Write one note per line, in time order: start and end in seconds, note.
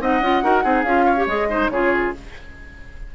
0.00 0.21 C4
0.00 0.21 D#4
0.00 0.44 D#5
0.00 0.83 F#5
0.21 0.42 C#4
0.21 0.42 F4
0.42 0.64 D#4
0.42 0.63 F#4
0.42 0.63 A#4
0.63 0.84 C4
0.63 0.84 D#4
0.63 1.05 G#4
0.83 1.26 C#4
0.83 1.17 F4
0.83 1.25 F5
1.05 1.48 C#5
1.17 1.28 G4
1.26 1.69 G#3
1.26 1.49 G#4
1.26 1.69 D#5
1.49 1.71 D#4
1.49 1.71 C5
1.69 2.12 C#3
1.69 2.14 F4
1.69 2.15 G#4
1.69 2.12 C#5